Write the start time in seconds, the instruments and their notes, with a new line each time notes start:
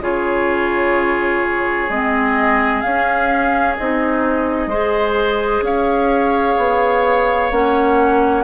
0.00 bassoon C#3, clarinet F4, oboe G#4, flute C#5
1.89 bassoon G#3, clarinet C4, flute D#5
2.81 bassoon C#4, clarinet C#4, flute F5
3.76 bassoon C4, clarinet D#4, flute D#5
4.66 bassoon G#3, clarinet G#4, oboe C5
5.61 bassoon C#4, oboe C#5, flute F5
6.57 bassoon B3
7.51 bassoon A#3, clarinet C#4, flute F#5